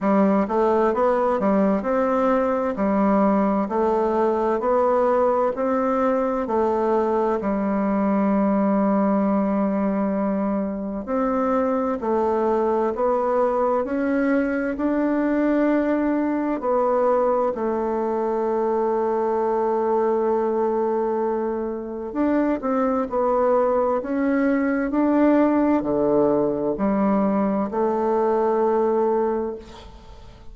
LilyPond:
\new Staff \with { instrumentName = "bassoon" } { \time 4/4 \tempo 4 = 65 g8 a8 b8 g8 c'4 g4 | a4 b4 c'4 a4 | g1 | c'4 a4 b4 cis'4 |
d'2 b4 a4~ | a1 | d'8 c'8 b4 cis'4 d'4 | d4 g4 a2 | }